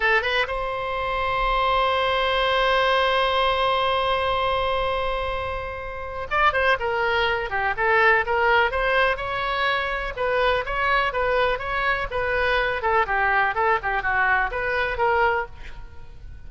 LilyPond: \new Staff \with { instrumentName = "oboe" } { \time 4/4 \tempo 4 = 124 a'8 b'8 c''2.~ | c''1~ | c''1~ | c''4 d''8 c''8 ais'4. g'8 |
a'4 ais'4 c''4 cis''4~ | cis''4 b'4 cis''4 b'4 | cis''4 b'4. a'8 g'4 | a'8 g'8 fis'4 b'4 ais'4 | }